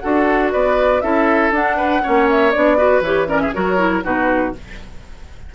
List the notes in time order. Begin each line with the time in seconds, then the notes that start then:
0.00 D4 F#4 A4 F#5
0.51 B3 B4 D5
1.01 C#4 E4 A4 E5
1.51 D4 F#5
1.77 B4
2.03 A#3 C#4 C#5
2.30 E5
2.51 B3 D4 D5
2.77 F#4 B4
3.01 E3 G4 C#5
3.27 C#4 A#4 D5
3.41 G#4 E5
3.54 F#3 F#4 A#4 C#5
3.78 E4
4.03 B2 D#4 F#4 B4